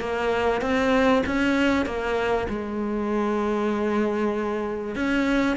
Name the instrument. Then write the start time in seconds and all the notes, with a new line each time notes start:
cello
0.00 A#3
0.61 C4
1.26 C#4
1.86 A#3
2.49 G#3
4.95 C#4